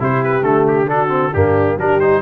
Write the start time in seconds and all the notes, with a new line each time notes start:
0.00 C3 E4 G4 C5
0.24 B4
0.42 D3 A3 A4
0.68 G4
0.87 D4 F#4 A4
1.09 C4
1.32 G2 A#3 D4 G4
1.77 G3 D4 G4 A#4
2.00 D#4 C5